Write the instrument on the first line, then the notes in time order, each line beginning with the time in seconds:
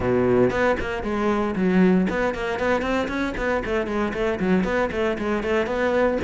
cello
0.00 B2
0.50 B3
0.79 A#3
1.03 G#3
1.55 F#3
2.09 B3
2.34 A#3
2.59 B3
2.81 C4
3.08 C#4
3.37 B3
3.65 A3
3.87 G#3
4.13 A3
4.39 F#3
4.64 B3
4.91 A3
5.18 G#3
5.43 A3
5.66 B3